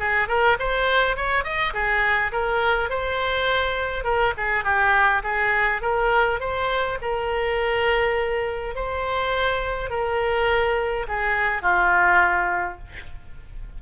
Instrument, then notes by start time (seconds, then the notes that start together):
oboe
0.00 G#4
0.29 A#4
0.60 C5
1.17 C#5
1.45 D#5
1.74 G#4
2.32 A#4
2.90 C5
4.05 A#4
4.38 G#4
4.65 G4
5.24 G#4
5.82 A#4
6.40 C5
7.02 A#4
8.76 C5
9.91 A#4
11.09 G#4
11.63 F4